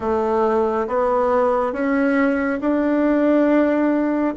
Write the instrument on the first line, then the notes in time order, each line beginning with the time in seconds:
bassoon
0.00 A3
0.87 B3
1.72 C#4
2.60 D4